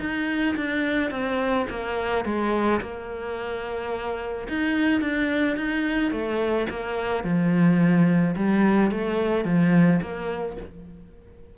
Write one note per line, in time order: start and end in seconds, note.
0.00 0.56 D#4
0.56 1.11 D4
1.11 1.66 C4
1.70 2.25 A#3
2.25 2.81 G#3
2.81 4.48 A#3
4.49 5.01 D#4
5.01 5.57 D4
5.57 6.12 D#4
6.12 6.67 A3
6.70 7.24 A#3
7.24 8.35 F3
8.37 8.91 G3
8.91 9.45 A3
9.45 10.00 F3
10.02 10.57 A#3